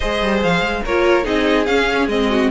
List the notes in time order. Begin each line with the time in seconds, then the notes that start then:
0.00 G#3 G#4 C5 D#5
0.22 G3
0.42 F3 F5
0.60 G#3
0.84 A#3 F4 A#4 C#5
1.23 C4 D#4 G#4 D#5
1.65 C#4 F5
2.06 G#3 C4 D#5
2.29 F#4